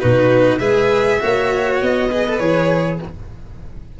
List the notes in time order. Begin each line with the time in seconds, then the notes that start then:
0.00 B2 D#4 F#4 B4
0.59 G#3 G#4 B4 E5
1.20 A#3 F#4 C#5
1.81 B3 D#5
2.11 G#4 B4
2.27 A4
2.39 E3 G#4 C#5